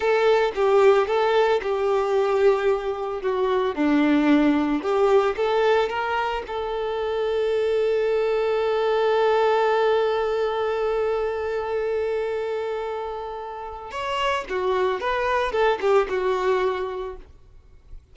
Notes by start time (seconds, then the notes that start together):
0.00 A4
0.55 G4
1.07 A4
1.62 G4
3.22 F#4
3.75 D4
4.82 G4
5.36 A4
5.89 A#4
6.47 A4
13.91 C#5
14.49 F#4
15.00 B4
15.52 A4
15.81 G4
16.09 F#4